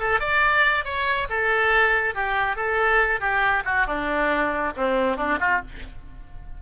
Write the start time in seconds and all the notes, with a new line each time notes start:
0.00 A4
0.20 D5
0.85 C#5
1.29 A4
2.15 G4
2.56 A4
3.20 G4
3.65 F#4
3.87 D4
4.77 C4
5.17 D4
5.40 F4